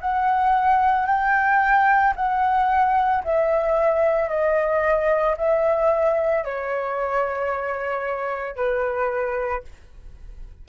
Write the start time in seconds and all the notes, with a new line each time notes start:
0.00 F#5
1.06 G5
2.16 F#5
3.24 E5
4.29 D#5
5.37 E5
6.44 C#5
8.56 B4